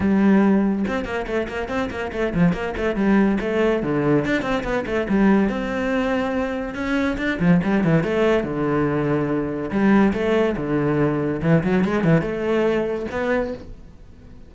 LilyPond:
\new Staff \with { instrumentName = "cello" } { \time 4/4 \tempo 4 = 142 g2 c'8 ais8 a8 ais8 | c'8 ais8 a8 f8 ais8 a8 g4 | a4 d4 d'8 c'8 b8 a8 | g4 c'2. |
cis'4 d'8 f8 g8 e8 a4 | d2. g4 | a4 d2 e8 fis8 | gis8 e8 a2 b4 | }